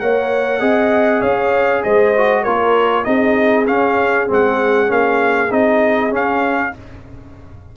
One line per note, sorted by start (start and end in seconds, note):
0.00 0.61 A#3
0.00 0.61 A#4
0.00 0.61 C#5
0.00 1.22 F#5
0.61 1.23 C4
0.61 2.14 G#4
0.61 1.21 D#5
1.21 1.84 C#4
1.21 1.82 C#5
1.21 1.83 F5
1.84 2.46 G#3
1.84 2.43 C5
1.84 2.44 D#5
2.17 2.46 F#4
2.43 3.07 A#3
2.43 3.05 F4
2.43 3.04 A#4
2.43 3.05 C#5
3.05 3.68 C4
3.05 3.66 D#4
3.05 6.73 G#4
3.05 3.66 D#5
3.67 4.28 C#4
3.67 4.29 C#4
3.67 4.29 F5
4.28 4.90 G#3
4.28 4.87 C4
4.28 4.92 F#5
4.87 5.51 A#3
4.87 5.48 C#4
4.87 5.53 F5
5.51 6.13 C4
5.51 6.10 D#4
5.51 6.14 D#5
6.10 6.72 C#4
6.10 6.74 C#4
6.10 6.77 F5